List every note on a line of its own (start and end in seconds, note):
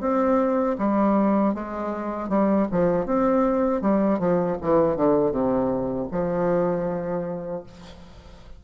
0.00 0.76 C4
0.78 1.54 G3
1.54 2.29 G#3
2.29 2.67 G3
2.71 3.06 F3
3.06 3.81 C4
3.81 4.19 G3
4.19 4.57 F3
4.61 4.96 E3
4.96 5.31 D3
5.31 6.07 C3
6.11 7.63 F3